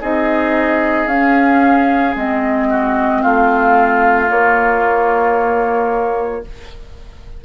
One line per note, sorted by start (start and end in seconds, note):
0.00 1.06 C4
0.00 1.08 D#4
0.00 2.68 G#4
0.00 1.07 D#5
1.06 2.13 C#4
1.06 2.15 C#4
1.06 2.14 F5
2.15 3.22 G#3
2.15 4.27 C4
2.15 3.22 D#5
2.69 3.21 F#4
3.21 4.30 A3
3.21 6.43 F4
3.21 4.29 F5
4.27 6.42 A#3
4.27 6.44 A#3
4.27 6.44 C#5